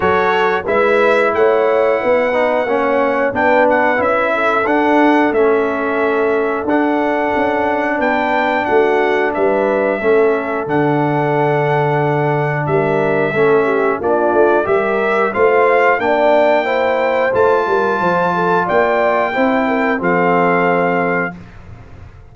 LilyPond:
<<
  \new Staff \with { instrumentName = "trumpet" } { \time 4/4 \tempo 4 = 90 cis''4 e''4 fis''2~ | fis''4 g''8 fis''8 e''4 fis''4 | e''2 fis''2 | g''4 fis''4 e''2 |
fis''2. e''4~ | e''4 d''4 e''4 f''4 | g''2 a''2 | g''2 f''2 | }
  \new Staff \with { instrumentName = "horn" } { \time 4/4 a'4 b'4 cis''4 b'4 | cis''4 b'4. a'4.~ | a'1 | b'4 fis'4 b'4 a'4~ |
a'2. ais'4 | a'8 g'8 f'4 ais'4 c''4 | d''4 c''4. ais'8 c''8 a'8 | d''4 c''8 ais'8 a'2 | }
  \new Staff \with { instrumentName = "trombone" } { \time 4/4 fis'4 e'2~ e'8 dis'8 | cis'4 d'4 e'4 d'4 | cis'2 d'2~ | d'2. cis'4 |
d'1 | cis'4 d'4 g'4 f'4 | d'4 e'4 f'2~ | f'4 e'4 c'2 | }
  \new Staff \with { instrumentName = "tuba" } { \time 4/4 fis4 gis4 a4 b4 | ais4 b4 cis'4 d'4 | a2 d'4 cis'4 | b4 a4 g4 a4 |
d2. g4 | a4 ais8 a8 g4 a4 | ais2 a8 g8 f4 | ais4 c'4 f2 | }
>>